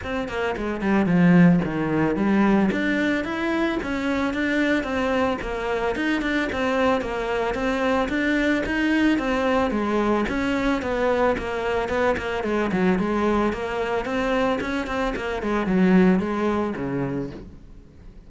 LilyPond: \new Staff \with { instrumentName = "cello" } { \time 4/4 \tempo 4 = 111 c'8 ais8 gis8 g8 f4 dis4 | g4 d'4 e'4 cis'4 | d'4 c'4 ais4 dis'8 d'8 | c'4 ais4 c'4 d'4 |
dis'4 c'4 gis4 cis'4 | b4 ais4 b8 ais8 gis8 fis8 | gis4 ais4 c'4 cis'8 c'8 | ais8 gis8 fis4 gis4 cis4 | }